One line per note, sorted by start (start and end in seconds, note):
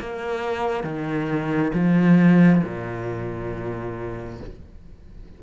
0.00 0.84 A#3
0.84 1.72 D#3
1.74 2.62 F3
2.64 4.40 A#2